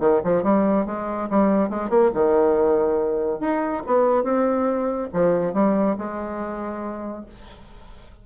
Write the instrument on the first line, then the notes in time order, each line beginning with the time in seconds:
bassoon
0.00 D#3
0.24 F3
0.43 G3
0.86 G#3
1.30 G3
1.70 G#3
1.90 A#3
2.14 D#3
3.40 D#4
3.86 B3
4.24 C4
5.14 F3
5.54 G3
5.98 G#3